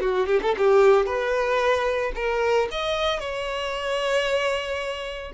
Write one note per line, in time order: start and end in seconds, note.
0.00 0.26 F#4
0.26 0.40 G4
0.42 0.55 A4
0.57 1.06 G4
1.06 2.12 B4
2.15 2.68 A#4
2.71 3.19 D#5
3.19 5.31 C#5